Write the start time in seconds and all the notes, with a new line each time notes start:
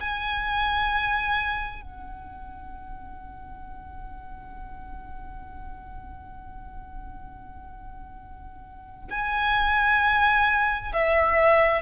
0.00 G#5
1.81 F#5
9.10 G#5
10.93 E5